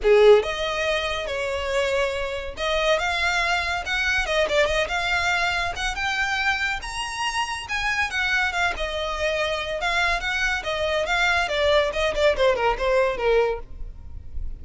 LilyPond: \new Staff \with { instrumentName = "violin" } { \time 4/4 \tempo 4 = 141 gis'4 dis''2 cis''4~ | cis''2 dis''4 f''4~ | f''4 fis''4 dis''8 d''8 dis''8 f''8~ | f''4. fis''8 g''2 |
ais''2 gis''4 fis''4 | f''8 dis''2~ dis''8 f''4 | fis''4 dis''4 f''4 d''4 | dis''8 d''8 c''8 ais'8 c''4 ais'4 | }